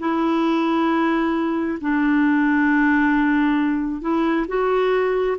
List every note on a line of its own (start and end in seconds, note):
0.00 1.79 E4
1.82 4.02 D4
4.02 4.47 E4
4.49 5.38 F#4